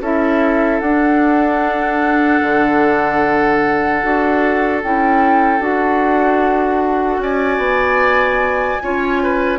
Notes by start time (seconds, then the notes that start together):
0.00 C#4 E4 A4 E5
0.80 D4 F#5
2.42 D3
4.03 D4 F#4
4.83 C#4 E4 G5
5.59 D4 F#4 F#5
7.18 C#4 D5 G#5
7.57 B3
8.82 C#4 F4 C#5
9.23 B4